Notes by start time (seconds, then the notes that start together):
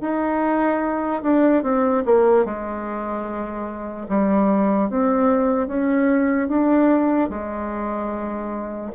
0.00 D#4
1.22 D4
1.63 C4
2.05 A#3
2.44 G#3
4.08 G3
4.89 C4
5.67 C#4
6.48 D4
7.29 G#3